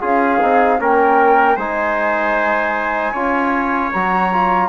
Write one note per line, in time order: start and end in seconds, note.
0.00 0.41 C#4
0.00 0.39 F4
0.00 0.79 G#4
0.00 0.81 F5
0.40 0.80 C4
0.40 0.79 D#4
0.79 1.57 A#3
0.79 1.57 C#4
0.79 1.56 A#4
0.79 1.57 G5
1.56 3.13 G#3
1.56 3.15 D#4
1.56 3.12 C5
1.56 3.91 G#5
3.12 3.91 C#4
3.12 3.93 F4
3.12 4.68 C#5
3.92 4.69 F#3
3.92 4.32 F#4
3.92 4.69 A#5
4.32 4.69 F4